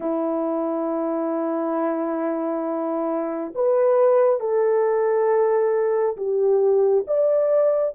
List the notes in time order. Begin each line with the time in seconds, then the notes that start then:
0.00 E4
3.54 B4
4.40 A4
6.16 G4
7.07 D5